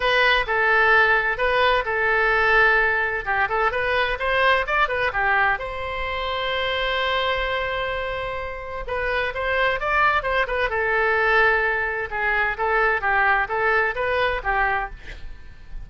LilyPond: \new Staff \with { instrumentName = "oboe" } { \time 4/4 \tempo 4 = 129 b'4 a'2 b'4 | a'2. g'8 a'8 | b'4 c''4 d''8 b'8 g'4 | c''1~ |
c''2. b'4 | c''4 d''4 c''8 b'8 a'4~ | a'2 gis'4 a'4 | g'4 a'4 b'4 g'4 | }